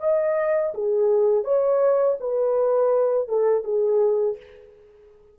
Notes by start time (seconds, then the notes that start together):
0.00 D#5
0.74 G#4
1.44 C#5
2.20 B4
3.29 A4
3.64 G#4